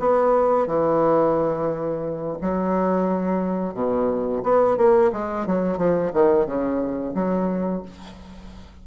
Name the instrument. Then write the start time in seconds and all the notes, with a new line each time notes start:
bassoon
0.00 B3
0.67 E3
2.42 F#3
3.74 B2
4.43 B3
4.77 A#3
5.13 G#3
5.47 F#3
5.78 F3
6.13 D#3
6.46 C#3
7.14 F#3